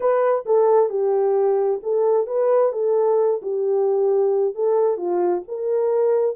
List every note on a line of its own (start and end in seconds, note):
0.00 0.45 B4
0.45 0.89 A4
0.89 1.80 G4
1.82 2.26 A4
2.26 2.72 B4
2.72 3.40 A4
3.42 4.55 G4
4.55 4.97 A4
4.97 5.42 F4
5.48 6.36 A#4